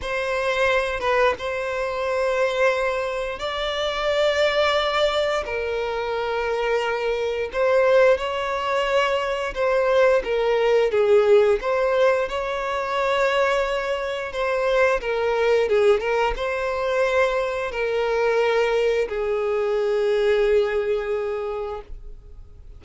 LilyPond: \new Staff \with { instrumentName = "violin" } { \time 4/4 \tempo 4 = 88 c''4. b'8 c''2~ | c''4 d''2. | ais'2. c''4 | cis''2 c''4 ais'4 |
gis'4 c''4 cis''2~ | cis''4 c''4 ais'4 gis'8 ais'8 | c''2 ais'2 | gis'1 | }